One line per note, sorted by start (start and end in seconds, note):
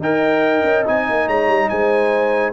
0.00 0.63 D#4
0.00 0.86 A#4
0.00 1.27 D#5
0.00 0.87 G5
0.65 0.86 C#4
0.86 1.09 C4
0.86 2.53 D#4
0.86 1.29 G#5
1.10 1.28 A#3
1.27 1.48 G#3
1.27 1.69 C#5
1.27 1.69 A#5
1.48 1.69 G3
1.69 2.53 G#3
1.69 2.53 C5
1.69 2.53 G#5